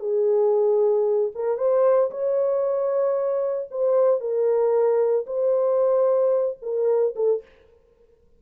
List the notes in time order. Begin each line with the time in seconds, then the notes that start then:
0.00 G#4
1.35 A#4
1.58 C5
2.11 C#5
3.71 C5
4.20 A#4
5.26 C5
6.62 A#4
7.16 A4